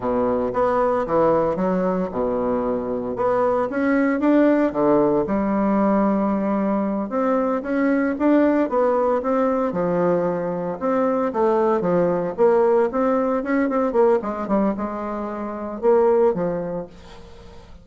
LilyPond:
\new Staff \with { instrumentName = "bassoon" } { \time 4/4 \tempo 4 = 114 b,4 b4 e4 fis4 | b,2 b4 cis'4 | d'4 d4 g2~ | g4. c'4 cis'4 d'8~ |
d'8 b4 c'4 f4.~ | f8 c'4 a4 f4 ais8~ | ais8 c'4 cis'8 c'8 ais8 gis8 g8 | gis2 ais4 f4 | }